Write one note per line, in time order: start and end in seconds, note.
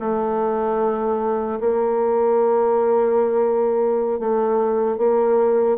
0.00 1.60 A3
1.60 4.19 A#3
4.19 4.97 A3
4.97 5.77 A#3